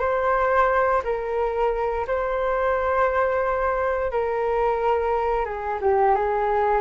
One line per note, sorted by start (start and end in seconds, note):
0.00 1.02 C5
1.04 2.06 A#4
2.08 4.12 C5
4.12 5.45 A#4
5.45 5.79 G#4
5.81 6.15 G4
6.15 6.82 G#4